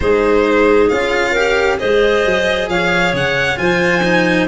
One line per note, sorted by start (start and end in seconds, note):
0.00 0.90 G#3
0.00 0.91 D#4
0.00 1.31 G#4
0.00 0.88 C5
0.88 1.80 C#4
0.88 1.35 F4
0.88 1.78 F5
1.31 1.78 G4
1.31 1.76 A#4
1.78 2.25 G#3
1.78 3.56 G#4
1.78 2.68 C5
1.78 2.68 D#5
2.25 2.68 F#3
2.68 3.12 F3
2.68 3.60 C#5
2.68 3.14 F5
3.12 3.57 C#3
3.12 3.57 F#5
3.56 4.48 F3
3.56 4.01 F4
3.56 4.48 C5
3.56 4.47 G#5
4.03 4.48 D#4